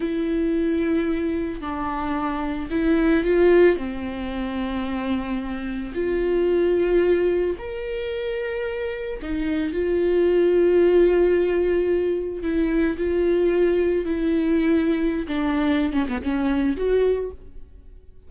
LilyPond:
\new Staff \with { instrumentName = "viola" } { \time 4/4 \tempo 4 = 111 e'2. d'4~ | d'4 e'4 f'4 c'4~ | c'2. f'4~ | f'2 ais'2~ |
ais'4 dis'4 f'2~ | f'2. e'4 | f'2 e'2~ | e'16 d'4~ d'16 cis'16 b16 cis'4 fis'4 | }